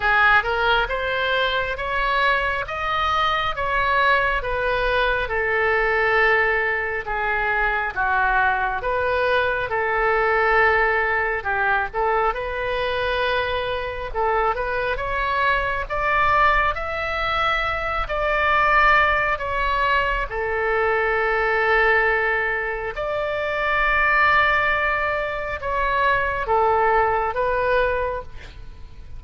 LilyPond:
\new Staff \with { instrumentName = "oboe" } { \time 4/4 \tempo 4 = 68 gis'8 ais'8 c''4 cis''4 dis''4 | cis''4 b'4 a'2 | gis'4 fis'4 b'4 a'4~ | a'4 g'8 a'8 b'2 |
a'8 b'8 cis''4 d''4 e''4~ | e''8 d''4. cis''4 a'4~ | a'2 d''2~ | d''4 cis''4 a'4 b'4 | }